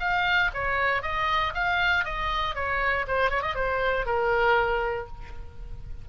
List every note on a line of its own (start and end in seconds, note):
0.00 0.51 F5
0.54 1.03 C#5
1.03 1.53 D#5
1.54 2.05 F5
2.05 2.55 D#5
2.55 3.06 C#5
3.08 3.31 C5
3.31 3.42 C#5
3.42 3.55 D#5
3.55 4.06 C5
4.06 5.08 A#4